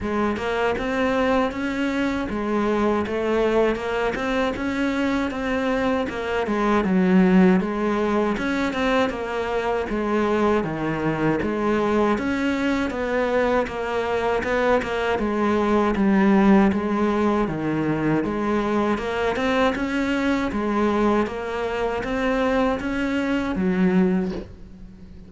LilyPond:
\new Staff \with { instrumentName = "cello" } { \time 4/4 \tempo 4 = 79 gis8 ais8 c'4 cis'4 gis4 | a4 ais8 c'8 cis'4 c'4 | ais8 gis8 fis4 gis4 cis'8 c'8 | ais4 gis4 dis4 gis4 |
cis'4 b4 ais4 b8 ais8 | gis4 g4 gis4 dis4 | gis4 ais8 c'8 cis'4 gis4 | ais4 c'4 cis'4 fis4 | }